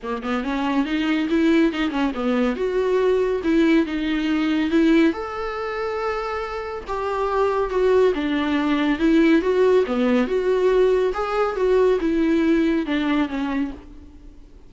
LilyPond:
\new Staff \with { instrumentName = "viola" } { \time 4/4 \tempo 4 = 140 ais8 b8 cis'4 dis'4 e'4 | dis'8 cis'8 b4 fis'2 | e'4 dis'2 e'4 | a'1 |
g'2 fis'4 d'4~ | d'4 e'4 fis'4 b4 | fis'2 gis'4 fis'4 | e'2 d'4 cis'4 | }